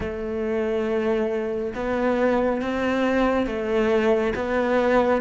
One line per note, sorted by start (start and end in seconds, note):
0.00 1.73 A3
1.74 2.61 B3
2.61 3.46 C4
3.46 4.33 A3
4.35 5.21 B3